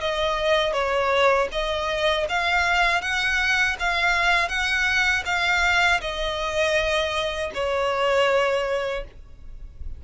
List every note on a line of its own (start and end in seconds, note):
0.00 0.73 D#5
0.73 1.48 C#5
1.51 2.26 D#5
2.28 3.01 F5
3.01 3.76 F#5
3.79 4.48 F5
4.48 5.23 F#5
5.25 6.00 F5
6.01 7.51 D#5
7.54 9.04 C#5